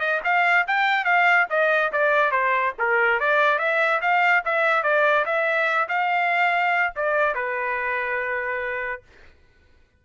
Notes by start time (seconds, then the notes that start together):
0.00 D#5
0.25 F5
0.68 G5
1.05 F5
1.50 D#5
1.92 D5
2.32 C5
2.79 A#4
3.20 D5
3.59 E5
4.02 F5
4.45 E5
4.83 D5
5.26 E5
5.89 F5
6.96 D5
7.35 B4